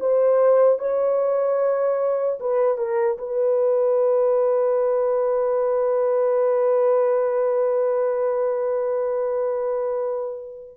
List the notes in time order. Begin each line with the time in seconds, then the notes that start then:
0.00 C5
0.79 C#5
2.40 B4
2.77 A#4
3.18 B4